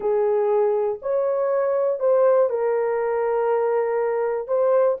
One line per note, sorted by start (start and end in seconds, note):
0.00 0.99 G#4
1.01 1.99 C#5
1.99 2.49 C5
2.49 4.47 A#4
4.47 4.97 C5